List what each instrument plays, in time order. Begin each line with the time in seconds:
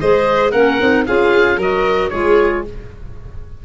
0.00 tuba G#3, clarinet G#4, violin C5, oboe D#5
0.51 tuba A#3, clarinet C#4, violin A#4, oboe F#5
0.80 tuba C4, clarinet D#4
1.06 tuba C#4, clarinet F4, violin G#4, oboe F5
1.57 tuba F#3, clarinet F#4, violin A#4, oboe D#5
2.09 tuba G#3, clarinet F4, violin G#4, oboe C#5